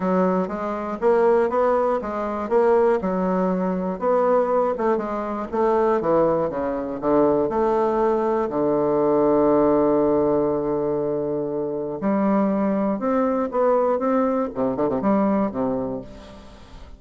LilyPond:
\new Staff \with { instrumentName = "bassoon" } { \time 4/4 \tempo 4 = 120 fis4 gis4 ais4 b4 | gis4 ais4 fis2 | b4. a8 gis4 a4 | e4 cis4 d4 a4~ |
a4 d2.~ | d1 | g2 c'4 b4 | c'4 c8 d16 c16 g4 c4 | }